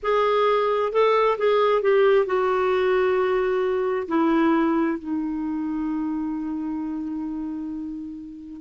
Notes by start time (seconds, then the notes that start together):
0.02 G#4
0.92 A4
1.38 G#4
1.82 G4
2.26 F#4
4.08 E4
4.99 D#4